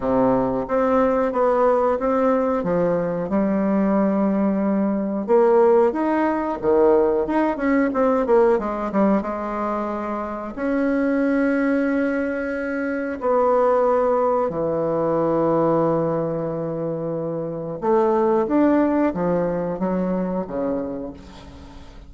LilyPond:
\new Staff \with { instrumentName = "bassoon" } { \time 4/4 \tempo 4 = 91 c4 c'4 b4 c'4 | f4 g2. | ais4 dis'4 dis4 dis'8 cis'8 | c'8 ais8 gis8 g8 gis2 |
cis'1 | b2 e2~ | e2. a4 | d'4 f4 fis4 cis4 | }